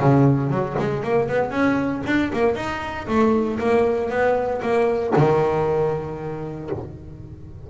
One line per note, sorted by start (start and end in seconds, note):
0.00 0.50 C#3
0.50 0.76 F#3
0.79 1.03 G#3
1.03 1.29 A#3
1.29 1.51 B3
1.51 2.02 C#4
2.07 2.32 D4
2.33 2.56 A#3
2.56 3.07 D#4
3.07 3.59 A3
3.59 4.10 A#3
4.10 4.61 B3
4.62 5.14 A#3
5.17 6.70 D#3